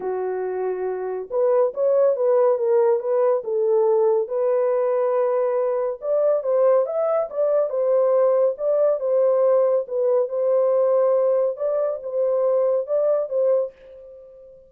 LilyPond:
\new Staff \with { instrumentName = "horn" } { \time 4/4 \tempo 4 = 140 fis'2. b'4 | cis''4 b'4 ais'4 b'4 | a'2 b'2~ | b'2 d''4 c''4 |
e''4 d''4 c''2 | d''4 c''2 b'4 | c''2. d''4 | c''2 d''4 c''4 | }